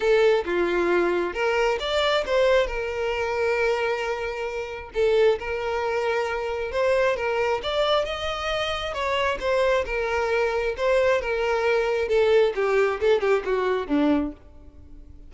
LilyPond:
\new Staff \with { instrumentName = "violin" } { \time 4/4 \tempo 4 = 134 a'4 f'2 ais'4 | d''4 c''4 ais'2~ | ais'2. a'4 | ais'2. c''4 |
ais'4 d''4 dis''2 | cis''4 c''4 ais'2 | c''4 ais'2 a'4 | g'4 a'8 g'8 fis'4 d'4 | }